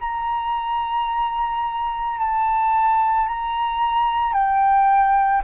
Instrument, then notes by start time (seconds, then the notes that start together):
flute
0.00 A#5
2.19 A5
3.27 A#5
4.33 G5